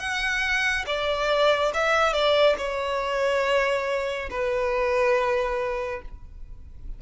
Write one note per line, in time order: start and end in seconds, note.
0.00 0.86 F#5
0.87 1.73 D5
1.74 2.14 E5
2.14 2.56 D5
2.58 4.30 C#5
4.31 6.02 B4